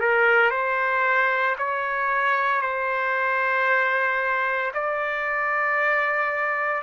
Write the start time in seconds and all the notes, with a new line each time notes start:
0.00 A#4
0.50 C5
1.58 C#5
2.61 C5
4.74 D5